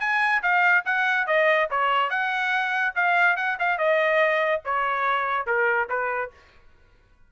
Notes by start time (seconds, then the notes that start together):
0.00 G#5
0.42 F5
0.85 F#5
1.27 D#5
1.70 C#5
2.10 F#5
2.95 F5
3.36 F#5
3.59 F5
3.78 D#5
4.65 C#5
5.46 A#4
5.89 B4